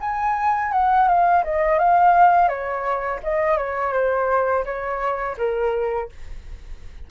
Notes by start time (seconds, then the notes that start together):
0.00 G#5
0.72 F#5
1.08 F5
1.44 D#5
1.79 F5
2.48 C#5
3.23 D#5
3.57 C#5
3.93 C5
4.65 C#5
5.37 A#4